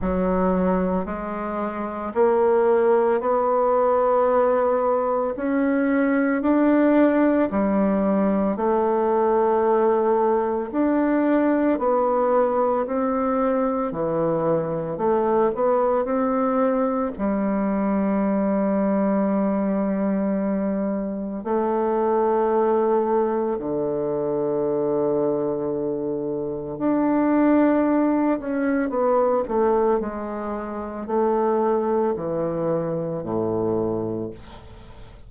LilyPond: \new Staff \with { instrumentName = "bassoon" } { \time 4/4 \tempo 4 = 56 fis4 gis4 ais4 b4~ | b4 cis'4 d'4 g4 | a2 d'4 b4 | c'4 e4 a8 b8 c'4 |
g1 | a2 d2~ | d4 d'4. cis'8 b8 a8 | gis4 a4 e4 a,4 | }